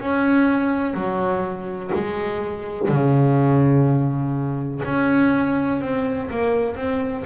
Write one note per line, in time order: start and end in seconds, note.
0.00 0.94 C#4
0.94 1.91 F#3
1.94 2.89 G#3
2.89 4.82 C#3
4.85 5.81 C#4
5.81 6.29 C4
6.30 6.76 A#3
6.76 7.24 C4